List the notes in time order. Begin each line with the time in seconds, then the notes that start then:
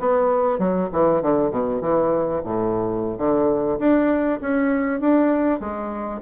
0.00 B3
0.59 F#3
0.93 E3
1.22 D3
1.51 B2
1.82 E3
2.44 A2
3.18 D3
3.80 D4
4.41 C#4
5.01 D4
5.61 G#3